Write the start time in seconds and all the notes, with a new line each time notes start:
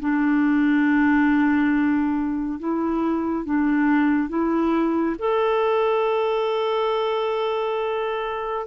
0.00 D4
2.59 E4
3.45 D4
4.29 E4
5.19 A4